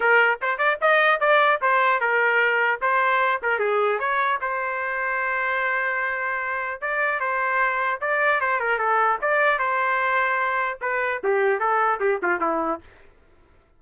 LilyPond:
\new Staff \with { instrumentName = "trumpet" } { \time 4/4 \tempo 4 = 150 ais'4 c''8 d''8 dis''4 d''4 | c''4 ais'2 c''4~ | c''8 ais'8 gis'4 cis''4 c''4~ | c''1~ |
c''4 d''4 c''2 | d''4 c''8 ais'8 a'4 d''4 | c''2. b'4 | g'4 a'4 g'8 f'8 e'4 | }